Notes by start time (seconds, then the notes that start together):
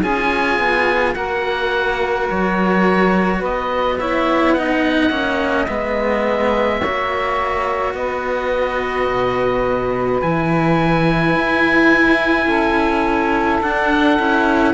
0.00 C#4 F4 G#4 G#5
0.58 B3
1.14 A#3 F#4 A#4 F#5
2.29 F#3 C#5
3.38 B3 B4 D#5
3.98 E4 C#5 E5
4.53 D#4 D#5 F#5
5.10 A#3 C#4
5.67 G#3 B3 E5
6.80 A#3 F#4 C#5
7.93 B3 B4 D#5
9.07 B2
10.21 E3 E4 G#5
11.35 E4
12.46 C#4 A4
13.62 D4 F#5
14.17 C#4 E4